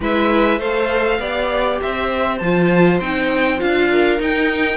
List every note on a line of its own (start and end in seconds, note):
0.00 0.59 G#3
0.00 0.60 E4
0.00 0.58 B4
0.00 0.60 E5
0.58 1.18 A3
0.58 1.20 A4
0.58 1.19 C5
0.58 1.80 F5
1.18 1.78 B3
1.18 2.40 G4
1.18 1.80 D5
1.81 2.41 C4
1.81 3.90 C5
1.81 2.38 E5
2.38 3.00 F3
2.38 3.01 F4
2.38 2.98 A5
3.00 3.60 C4
3.00 3.58 D#4
3.00 3.60 G5
3.58 4.19 D4
3.58 4.18 F4
3.58 4.20 F5
3.90 4.77 A#4
4.19 4.77 D#4
4.19 4.77 G5